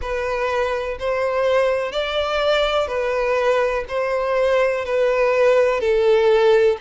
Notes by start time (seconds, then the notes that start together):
0.01 B4
0.99 C5
1.92 D5
2.87 B4
3.88 C5
4.85 B4
5.80 A4